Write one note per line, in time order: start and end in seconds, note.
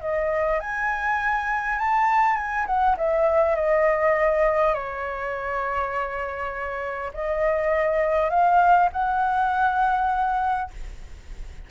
0.00 0.59 D#5
0.60 1.78 G#5
1.78 2.36 A5
2.36 2.65 G#5
2.66 2.96 F#5
2.97 3.55 E5
3.55 4.73 D#5
4.73 7.11 C#5
7.13 8.30 D#5
8.30 8.89 F5
8.92 10.70 F#5